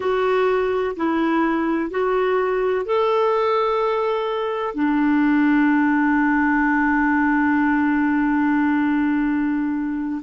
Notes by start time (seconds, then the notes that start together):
0.00 F#4
0.96 E4
1.90 F#4
2.85 A4
4.74 D4